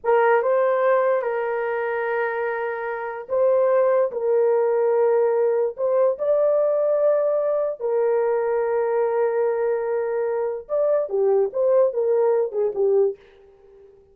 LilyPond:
\new Staff \with { instrumentName = "horn" } { \time 4/4 \tempo 4 = 146 ais'4 c''2 ais'4~ | ais'1 | c''2 ais'2~ | ais'2 c''4 d''4~ |
d''2. ais'4~ | ais'1~ | ais'2 d''4 g'4 | c''4 ais'4. gis'8 g'4 | }